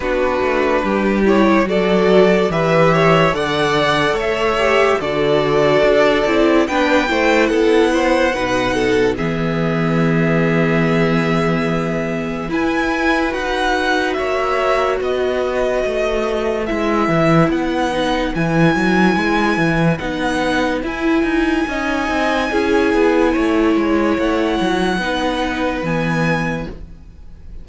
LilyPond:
<<
  \new Staff \with { instrumentName = "violin" } { \time 4/4 \tempo 4 = 72 b'4. cis''8 d''4 e''4 | fis''4 e''4 d''2 | g''4 fis''2 e''4~ | e''2. gis''4 |
fis''4 e''4 dis''2 | e''4 fis''4 gis''2 | fis''4 gis''2.~ | gis''4 fis''2 gis''4 | }
  \new Staff \with { instrumentName = "violin" } { \time 4/4 fis'4 g'4 a'4 b'8 cis''8 | d''4 cis''4 a'2 | b'8 c''8 a'8 c''8 b'8 a'8 gis'4~ | gis'2. b'4~ |
b'4 cis''4 b'2~ | b'1~ | b'2 dis''4 gis'4 | cis''2 b'2 | }
  \new Staff \with { instrumentName = "viola" } { \time 4/4 d'4. e'8 fis'4 g'4 | a'4. g'8 fis'4. e'8 | d'8 e'4. dis'4 b4~ | b2. e'4 |
fis'1 | e'4. dis'8 e'2 | dis'4 e'4 dis'4 e'4~ | e'2 dis'4 b4 | }
  \new Staff \with { instrumentName = "cello" } { \time 4/4 b8 a8 g4 fis4 e4 | d4 a4 d4 d'8 c'8 | b8 a8 b4 b,4 e4~ | e2. e'4 |
dis'4 ais4 b4 a4 | gis8 e8 b4 e8 fis8 gis8 e8 | b4 e'8 dis'8 cis'8 c'8 cis'8 b8 | a8 gis8 a8 fis8 b4 e4 | }
>>